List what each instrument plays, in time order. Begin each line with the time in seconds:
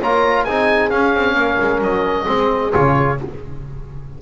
0.00 double bass A#3, trombone F4, horn C#5, oboe A#5
0.44 double bass C4, trombone D#4, horn G#4, oboe G#5
0.90 trombone C#4, double bass C#4, oboe F5
1.15 double bass C4
1.34 double bass A#3, horn A#4
1.60 double bass G#3
1.80 double bass F#3, oboe D#5
2.26 double bass G#3, trombone C4, horn G#4
2.72 double bass C#3, trombone F4, oboe C#5